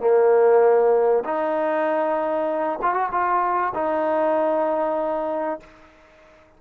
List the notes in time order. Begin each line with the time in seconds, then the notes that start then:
0.00 A#3
1.25 D#4
2.82 F4
2.94 F#4
3.12 F4
3.75 D#4